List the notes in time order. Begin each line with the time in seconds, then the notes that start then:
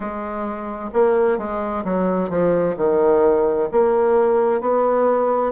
0.00 G#3
0.93 A#3
1.38 G#3
1.84 F#3
2.29 F3
2.77 D#3
3.71 A#3
4.60 B3